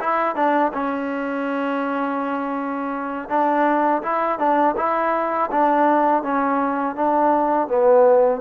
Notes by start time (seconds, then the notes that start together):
0.00 E4
0.36 D4
0.73 C#4
3.29 D4
4.02 E4
4.39 D4
4.77 E4
5.51 D4
6.23 C#4
6.95 D4
7.68 B3